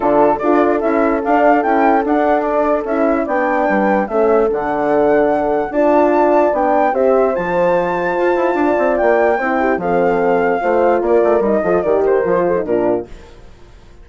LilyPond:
<<
  \new Staff \with { instrumentName = "flute" } { \time 4/4 \tempo 4 = 147 a'4 d''4 e''4 f''4 | g''4 fis''4 d''4 e''4 | g''2 e''4 fis''4~ | fis''2 a''2 |
g''4 e''4 a''2~ | a''2 g''2 | f''2. d''4 | dis''4 d''8 c''4. ais'4 | }
  \new Staff \with { instrumentName = "horn" } { \time 4/4 f'4 a'2.~ | a'1 | d''4 b'4 a'2~ | a'2 d''2~ |
d''4 c''2.~ | c''4 d''2 c''8 g'8 | a'2 c''4 ais'4~ | ais'8 a'8 ais'4. a'8 f'4 | }
  \new Staff \with { instrumentName = "horn" } { \time 4/4 d'4 f'4 e'4 d'4 | e'4 d'2 e'4 | d'2 cis'4 d'4~ | d'2 f'2 |
d'4 g'4 f'2~ | f'2. e'4 | c'2 f'2 | dis'8 f'8 g'4 f'8. dis'16 d'4 | }
  \new Staff \with { instrumentName = "bassoon" } { \time 4/4 d4 d'4 cis'4 d'4 | cis'4 d'2 cis'4 | b4 g4 a4 d4~ | d2 d'2 |
b4 c'4 f2 | f'8 e'8 d'8 c'8 ais4 c'4 | f2 a4 ais8 a8 | g8 f8 dis4 f4 ais,4 | }
>>